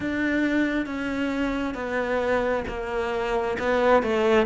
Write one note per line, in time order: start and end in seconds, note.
0.00 0.85 D4
0.85 1.74 C#4
1.74 2.64 B3
2.67 3.57 A#3
3.58 4.02 B3
4.02 4.46 A3